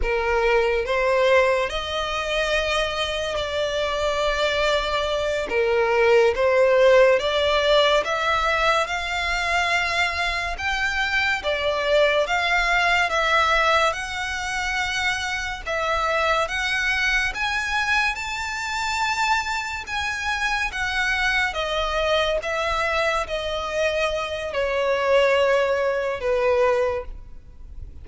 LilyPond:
\new Staff \with { instrumentName = "violin" } { \time 4/4 \tempo 4 = 71 ais'4 c''4 dis''2 | d''2~ d''8 ais'4 c''8~ | c''8 d''4 e''4 f''4.~ | f''8 g''4 d''4 f''4 e''8~ |
e''8 fis''2 e''4 fis''8~ | fis''8 gis''4 a''2 gis''8~ | gis''8 fis''4 dis''4 e''4 dis''8~ | dis''4 cis''2 b'4 | }